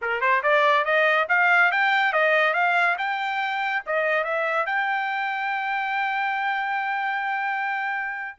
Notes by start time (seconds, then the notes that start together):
0.01 A#4
0.20 C5
0.42 D5
0.84 D#5
1.28 F5
1.71 G5
2.13 D#5
2.53 F5
2.97 G5
3.85 D#5
4.24 E5
4.66 G5